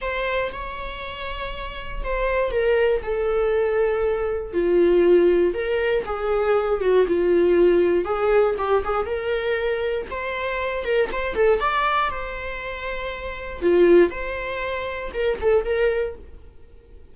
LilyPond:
\new Staff \with { instrumentName = "viola" } { \time 4/4 \tempo 4 = 119 c''4 cis''2. | c''4 ais'4 a'2~ | a'4 f'2 ais'4 | gis'4. fis'8 f'2 |
gis'4 g'8 gis'8 ais'2 | c''4. ais'8 c''8 a'8 d''4 | c''2. f'4 | c''2 ais'8 a'8 ais'4 | }